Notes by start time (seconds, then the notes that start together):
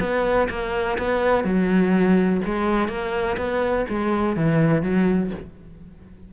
0.00 B3
0.50 A#3
0.98 B3
1.45 F#3
2.45 G#3
2.88 A#3
3.37 B3
3.89 G#3
4.36 E3
4.83 F#3